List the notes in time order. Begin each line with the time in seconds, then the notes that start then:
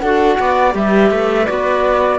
0.00 D4 F#4 A4 F#5
0.39 B3 D5
0.72 G3 G4 B4 E5
1.11 A3
1.46 B3 F#4 D5